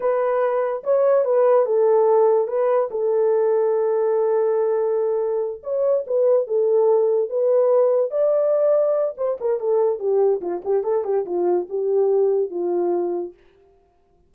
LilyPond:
\new Staff \with { instrumentName = "horn" } { \time 4/4 \tempo 4 = 144 b'2 cis''4 b'4 | a'2 b'4 a'4~ | a'1~ | a'4. cis''4 b'4 a'8~ |
a'4. b'2 d''8~ | d''2 c''8 ais'8 a'4 | g'4 f'8 g'8 a'8 g'8 f'4 | g'2 f'2 | }